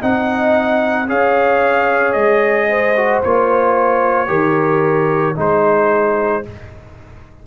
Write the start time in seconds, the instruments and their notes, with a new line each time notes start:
0.00 tuba C4, trombone D#4, horn D#5, trumpet F#5
1.08 tuba C#4, trombone G#4, horn C#5, trumpet F5
2.13 tuba G#3, trumpet D#5
2.69 horn C5
2.97 trombone F#4
3.23 tuba A#3, trombone F4, trumpet C#5
4.27 tuba D#3, trombone G4, horn A#4
5.36 tuba G#3, trombone D#4, horn G#4, trumpet C5